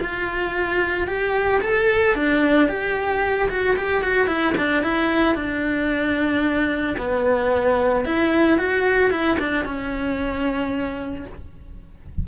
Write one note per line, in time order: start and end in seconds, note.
0.00 1.07 F4
1.07 1.61 G4
1.61 2.15 A4
2.15 2.68 D4
2.68 3.49 G4
3.49 3.76 F#4
3.76 4.03 G4
4.03 4.27 F#4
4.27 4.54 E4
4.57 4.83 D4
4.83 5.35 E4
5.35 6.95 D4
6.98 8.05 B3
8.05 8.58 E4
8.58 9.10 F#4
9.10 9.37 E4
9.39 9.65 D4
9.65 11.25 C#4